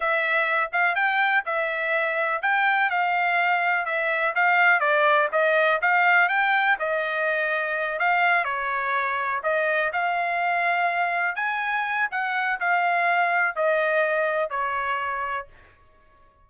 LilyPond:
\new Staff \with { instrumentName = "trumpet" } { \time 4/4 \tempo 4 = 124 e''4. f''8 g''4 e''4~ | e''4 g''4 f''2 | e''4 f''4 d''4 dis''4 | f''4 g''4 dis''2~ |
dis''8 f''4 cis''2 dis''8~ | dis''8 f''2. gis''8~ | gis''4 fis''4 f''2 | dis''2 cis''2 | }